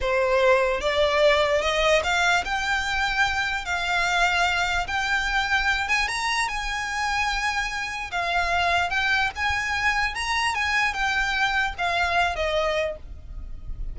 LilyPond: \new Staff \with { instrumentName = "violin" } { \time 4/4 \tempo 4 = 148 c''2 d''2 | dis''4 f''4 g''2~ | g''4 f''2. | g''2~ g''8 gis''8 ais''4 |
gis''1 | f''2 g''4 gis''4~ | gis''4 ais''4 gis''4 g''4~ | g''4 f''4. dis''4. | }